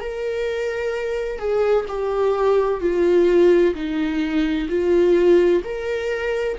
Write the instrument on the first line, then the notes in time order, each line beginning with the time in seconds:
viola
0.00 A#4
1.38 G#4
1.88 G4
2.80 F4
3.74 D#4
4.69 F4
5.64 A#4